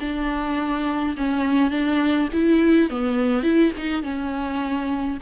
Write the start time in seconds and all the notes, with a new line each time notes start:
0.00 D4
1.16 C#4
1.70 D4
2.32 E4
2.90 B3
3.42 E4
3.77 D#4
4.02 C#4